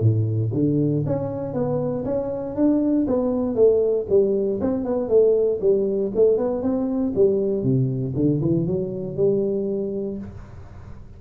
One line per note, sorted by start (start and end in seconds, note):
0.00 0.51 A2
0.53 1.04 D3
1.06 1.53 C#4
1.53 2.04 B3
2.05 2.55 C#4
2.55 3.06 D4
3.07 3.55 B3
3.55 4.06 A3
4.09 4.60 G3
4.61 4.84 C4
4.84 5.09 B3
5.09 5.60 A3
5.61 6.12 G3
6.15 6.37 A3
6.37 6.62 B3
6.62 7.13 C4
7.15 7.63 G3
7.63 8.14 C3
8.15 8.41 D3
8.41 8.67 E3
8.67 9.16 F#3
9.16 10.18 G3